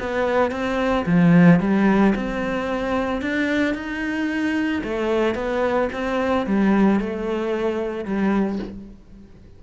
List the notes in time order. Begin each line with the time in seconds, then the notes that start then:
0.00 B3
0.52 C4
1.06 F3
1.60 G3
2.15 C4
3.22 D4
3.74 D#4
4.84 A3
5.35 B3
5.93 C4
6.46 G3
7.00 A3
8.05 G3